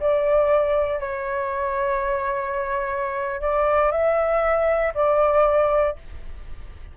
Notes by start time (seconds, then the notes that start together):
0.00 D5
1.00 C#5
3.41 D5
3.92 E5
4.94 D5